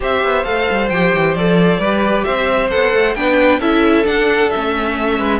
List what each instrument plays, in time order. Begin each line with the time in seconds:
0.00 cello C4, viola G4, violin C5 E5
0.23 cello B3
0.44 cello A3, viola A4, violin F5
0.70 cello G3
0.89 cello F3, viola G4, violin G5
1.14 cello E3
1.34 cello F3, viola A4, violin D5
1.78 cello G3, viola G4, violin B4
2.23 cello C4, violin C5 E5
2.69 cello B3, viola A4, violin F#5
2.94 cello A3
3.14 cello B3, viola D4, violin B4 G5
3.59 cello C#4, viola E4, violin A4 E5
4.04 viola D4, cello D4, violin F#5
4.50 cello A3, viola C#4, violin E5
5.18 cello G#3, violin B4